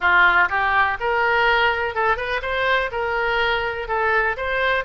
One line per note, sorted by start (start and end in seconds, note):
0.00 0.49 F4
0.49 0.97 G4
0.99 1.94 A#4
1.94 2.16 A4
2.16 2.41 B4
2.42 2.90 C5
2.91 3.88 A#4
3.88 4.36 A4
4.37 4.84 C5